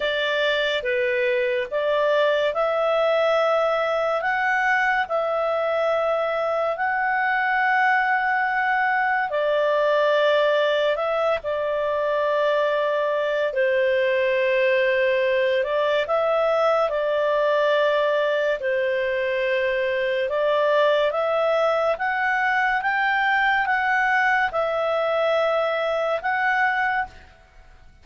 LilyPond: \new Staff \with { instrumentName = "clarinet" } { \time 4/4 \tempo 4 = 71 d''4 b'4 d''4 e''4~ | e''4 fis''4 e''2 | fis''2. d''4~ | d''4 e''8 d''2~ d''8 |
c''2~ c''8 d''8 e''4 | d''2 c''2 | d''4 e''4 fis''4 g''4 | fis''4 e''2 fis''4 | }